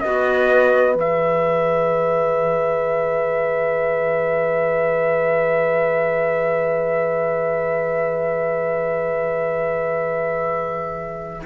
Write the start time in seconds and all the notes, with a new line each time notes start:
0.00 B3 F#4 B4 D#5
0.96 E3 G#4 E5